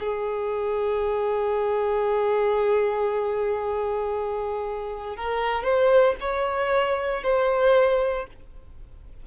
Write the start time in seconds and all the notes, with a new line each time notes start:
0.00 G#4
5.17 A#4
5.64 C5
6.21 C#5
7.24 C5